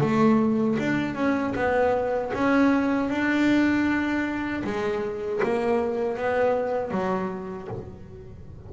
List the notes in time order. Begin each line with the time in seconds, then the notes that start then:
0.00 A3
0.79 D4
1.15 C#4
1.55 B3
2.34 C#4
3.09 D4
4.64 G#3
5.43 A#3
6.17 B3
6.91 F#3